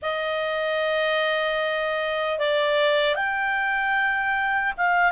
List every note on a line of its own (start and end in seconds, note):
0.01 2.38 D#5
2.39 3.15 D5
3.15 4.73 G5
4.77 5.11 F5